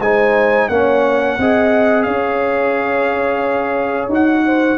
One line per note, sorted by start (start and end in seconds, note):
0.00 0.68 G#3
0.00 0.71 D#4
0.00 0.70 C5
0.00 0.69 G#5
0.69 1.38 A#3
0.69 1.39 C#4
0.69 1.38 C#5
0.69 2.03 F#5
1.38 2.07 C4
1.38 4.10 G#4
1.38 2.06 D#5
2.03 4.09 C#4
2.03 4.44 C#5
2.03 4.07 F5
4.09 4.77 D#4
4.09 4.78 F#4
4.09 4.78 F#5
4.45 4.78 C5